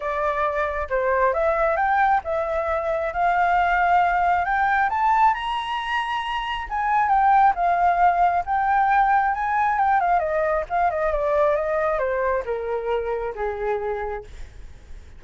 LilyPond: \new Staff \with { instrumentName = "flute" } { \time 4/4 \tempo 4 = 135 d''2 c''4 e''4 | g''4 e''2 f''4~ | f''2 g''4 a''4 | ais''2. gis''4 |
g''4 f''2 g''4~ | g''4 gis''4 g''8 f''8 dis''4 | f''8 dis''8 d''4 dis''4 c''4 | ais'2 gis'2 | }